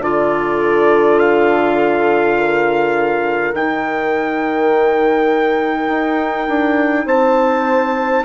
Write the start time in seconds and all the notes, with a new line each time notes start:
0.00 D3 F4 A4 D5
1.19 F5
2.38 A#4
3.54 D#3 D#4 G5
5.88 D#4
6.49 D4
7.06 C4 C5 A5